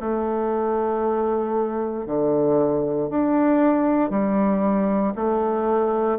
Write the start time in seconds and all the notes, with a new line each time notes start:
0.00 A3
2.06 D3
3.10 D4
4.11 G3
5.15 A3